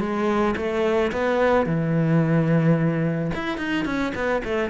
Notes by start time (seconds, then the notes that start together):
0.00 G#3
0.57 A3
1.12 B3
1.66 E3
3.35 E4
3.58 D#4
3.86 C#4
4.15 B3
4.45 A3